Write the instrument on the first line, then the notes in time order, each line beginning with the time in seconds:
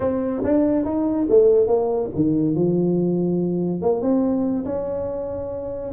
tuba
0.00 C4
0.43 D4
0.85 D#4
1.29 A3
1.67 A#3
2.15 D#3
2.55 F3
3.81 A#3
4.01 C4
4.65 C#4